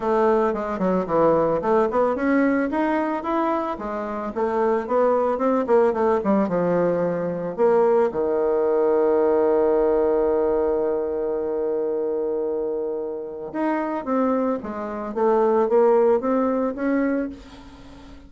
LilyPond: \new Staff \with { instrumentName = "bassoon" } { \time 4/4 \tempo 4 = 111 a4 gis8 fis8 e4 a8 b8 | cis'4 dis'4 e'4 gis4 | a4 b4 c'8 ais8 a8 g8 | f2 ais4 dis4~ |
dis1~ | dis1~ | dis4 dis'4 c'4 gis4 | a4 ais4 c'4 cis'4 | }